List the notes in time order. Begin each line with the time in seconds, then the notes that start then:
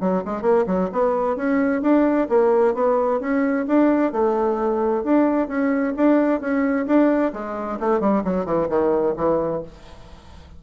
0.00 F#3
0.25 G#3
0.42 A#3
0.67 F#3
0.92 B3
1.36 C#4
1.82 D4
2.29 A#3
2.74 B3
3.20 C#4
3.67 D4
4.12 A3
5.04 D4
5.48 C#4
5.96 D4
6.40 C#4
6.86 D4
7.33 G#3
7.80 A3
8.00 G3
8.24 F#3
8.45 E3
8.69 D#3
9.17 E3